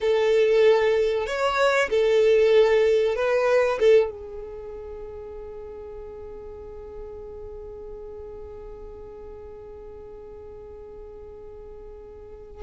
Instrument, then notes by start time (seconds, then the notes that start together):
violin
0.00 A4
1.26 C#5
1.89 A4
3.16 B4
3.79 A4
4.10 G#4